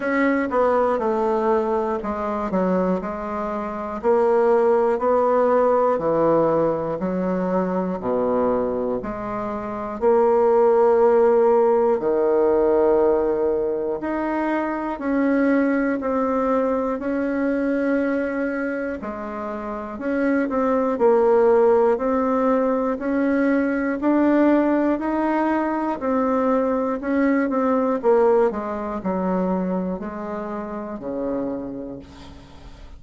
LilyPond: \new Staff \with { instrumentName = "bassoon" } { \time 4/4 \tempo 4 = 60 cis'8 b8 a4 gis8 fis8 gis4 | ais4 b4 e4 fis4 | b,4 gis4 ais2 | dis2 dis'4 cis'4 |
c'4 cis'2 gis4 | cis'8 c'8 ais4 c'4 cis'4 | d'4 dis'4 c'4 cis'8 c'8 | ais8 gis8 fis4 gis4 cis4 | }